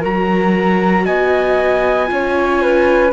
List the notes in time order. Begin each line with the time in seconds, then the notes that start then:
0.00 F#3 F#4 A#4 A#5
1.05 B3 D#5 G#5
2.06 C#4 F4
2.13 C#5
2.62 B4